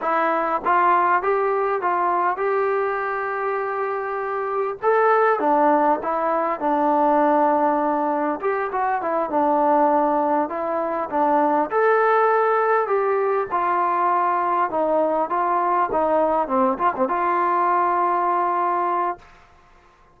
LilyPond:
\new Staff \with { instrumentName = "trombone" } { \time 4/4 \tempo 4 = 100 e'4 f'4 g'4 f'4 | g'1 | a'4 d'4 e'4 d'4~ | d'2 g'8 fis'8 e'8 d'8~ |
d'4. e'4 d'4 a'8~ | a'4. g'4 f'4.~ | f'8 dis'4 f'4 dis'4 c'8 | f'16 c'16 f'2.~ f'8 | }